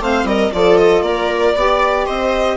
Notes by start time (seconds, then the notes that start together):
0.00 A3 C4 C5 F5
0.24 G3 A#4 D#5
0.52 F3 F4 A4 D5
0.77 D#5
1.02 A#3 A#4 D5
1.56 B3 G4 D5
2.06 C4 C5 D#5